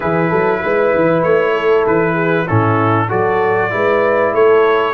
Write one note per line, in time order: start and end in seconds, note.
0.00 0.32 E3
0.00 2.46 E4
0.00 0.29 G#4
0.00 1.22 B4
0.29 0.63 F#3
0.29 0.60 A4
0.63 0.94 G#3
0.63 1.53 B4
0.95 1.23 E3
1.22 1.85 A3
1.22 1.84 C#5
1.53 2.14 A4
1.86 2.48 E3
1.86 2.47 B4
2.14 2.44 G#4
2.47 3.11 A2
2.47 3.08 C#4
2.47 3.07 E4
2.47 3.09 A4
3.07 3.72 F#3
3.07 3.70 F#4
3.07 3.69 A4
3.07 4.34 D5
3.70 4.33 G#3
3.70 4.93 E4
3.70 4.33 B4
4.33 4.93 A3
4.33 4.93 A4
4.33 4.93 C#5